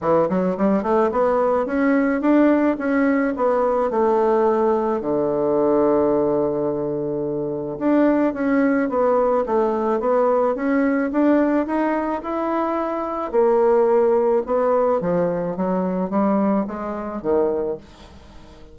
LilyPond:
\new Staff \with { instrumentName = "bassoon" } { \time 4/4 \tempo 4 = 108 e8 fis8 g8 a8 b4 cis'4 | d'4 cis'4 b4 a4~ | a4 d2.~ | d2 d'4 cis'4 |
b4 a4 b4 cis'4 | d'4 dis'4 e'2 | ais2 b4 f4 | fis4 g4 gis4 dis4 | }